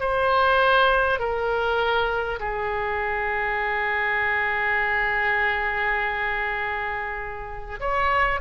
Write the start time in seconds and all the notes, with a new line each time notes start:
0.00 C5
1.19 A#4
2.39 G#4
7.79 C#5